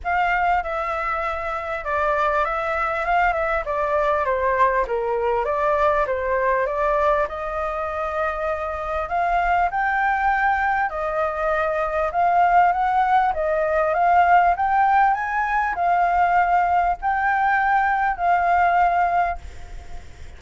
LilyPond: \new Staff \with { instrumentName = "flute" } { \time 4/4 \tempo 4 = 99 f''4 e''2 d''4 | e''4 f''8 e''8 d''4 c''4 | ais'4 d''4 c''4 d''4 | dis''2. f''4 |
g''2 dis''2 | f''4 fis''4 dis''4 f''4 | g''4 gis''4 f''2 | g''2 f''2 | }